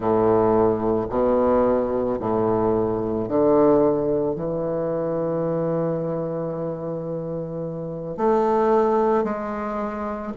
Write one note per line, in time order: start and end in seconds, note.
0.00 1.07 A2
1.09 2.18 B2
2.19 3.28 A2
3.28 4.35 D3
4.35 8.17 E3
8.17 9.23 A3
9.23 10.32 G#3